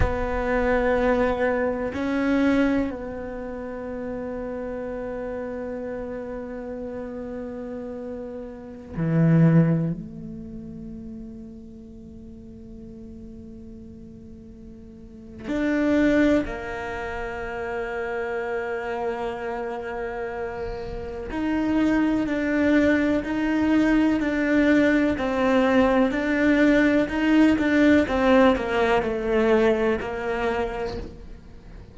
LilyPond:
\new Staff \with { instrumentName = "cello" } { \time 4/4 \tempo 4 = 62 b2 cis'4 b4~ | b1~ | b4~ b16 e4 a4.~ a16~ | a1 |
d'4 ais2.~ | ais2 dis'4 d'4 | dis'4 d'4 c'4 d'4 | dis'8 d'8 c'8 ais8 a4 ais4 | }